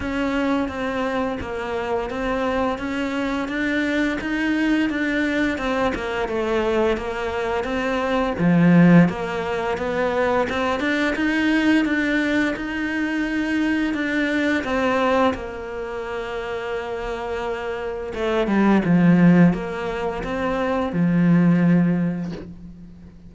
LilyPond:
\new Staff \with { instrumentName = "cello" } { \time 4/4 \tempo 4 = 86 cis'4 c'4 ais4 c'4 | cis'4 d'4 dis'4 d'4 | c'8 ais8 a4 ais4 c'4 | f4 ais4 b4 c'8 d'8 |
dis'4 d'4 dis'2 | d'4 c'4 ais2~ | ais2 a8 g8 f4 | ais4 c'4 f2 | }